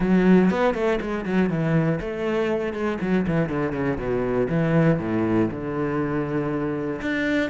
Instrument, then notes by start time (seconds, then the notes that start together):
cello
0.00 F#3
0.50 B3
0.74 A3
1.01 G#3
1.25 F#3
1.49 E3
2.00 A3
2.73 G#3
3.01 F#3
3.27 E3
3.49 D3
3.72 C#3
3.97 B2
4.49 E3
4.99 A2
5.50 D3
7.01 D4